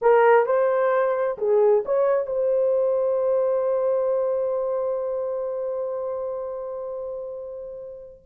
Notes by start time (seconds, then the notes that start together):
0.01 A#4
0.46 C5
1.38 G#4
1.85 C#5
2.26 C5